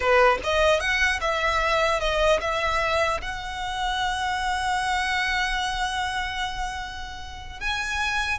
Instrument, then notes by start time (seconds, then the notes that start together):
violin
0.00 B4
0.43 D#5
0.80 F#5
1.20 E5
2.00 D#5
2.40 E5
3.21 F#5
7.60 G#5